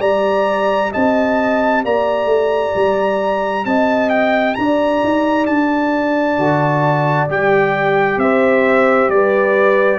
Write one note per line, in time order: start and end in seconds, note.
0.00 0.91 G3
0.00 6.37 G4
0.00 0.91 D5
0.00 0.92 A#5
0.92 1.85 C4
0.92 1.83 D#5
0.92 1.84 A5
1.85 2.25 A#3
1.85 3.66 D5
1.85 3.65 A#5
2.25 2.71 A3
2.75 3.65 G3
3.65 4.56 C4
3.65 4.58 D#5
3.65 4.10 A5
4.10 4.55 G5
4.55 5.04 D4
4.55 8.21 D5
4.55 5.46 A#5
5.04 5.49 D#4
5.46 6.38 D4
5.46 7.28 A5
6.38 7.29 D3
6.38 7.29 F#4
7.29 8.17 G3
7.29 9.99 G4
7.29 8.20 G5
8.17 9.08 C4
8.17 9.12 C5
8.17 9.10 E5
9.09 9.99 G3
9.09 9.99 B4
9.09 9.99 D5